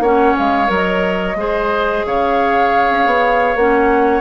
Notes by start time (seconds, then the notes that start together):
0.00 A#3 C#4 C#5 F#5
0.38 G#3 F5
0.67 F#3 A#4
0.74 D#5
1.36 G#3 G#4 C5
2.06 C#3 C#5 F5
2.91 C#4
3.06 B3
3.55 A#3 C#4 F#5